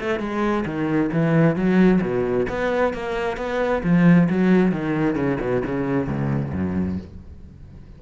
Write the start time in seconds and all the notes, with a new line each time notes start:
0.00 A3
0.19 G#3
0.65 D#3
1.12 E3
1.55 F#3
2.01 B2
2.49 B3
2.93 A#3
3.37 B3
3.83 F3
4.29 F#3
4.71 D#3
5.15 C#3
5.40 B2
5.65 C#3
6.07 C#2
6.53 F#2